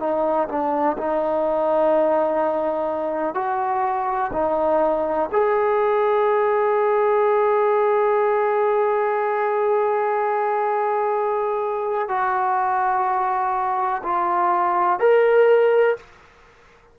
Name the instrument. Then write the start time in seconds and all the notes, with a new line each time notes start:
trombone
0.00 D#4
0.49 D4
0.98 D#4
3.35 F#4
4.33 D#4
5.32 G#4
12.09 F#4
14.04 F4
15.00 A#4